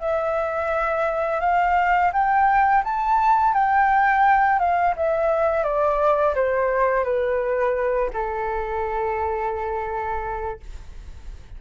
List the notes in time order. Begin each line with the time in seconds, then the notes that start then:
0.00 E5
1.41 F5
2.13 G5
2.84 A5
3.54 G5
4.59 F5
4.96 E5
5.64 D5
6.35 C5
7.04 B4
8.13 A4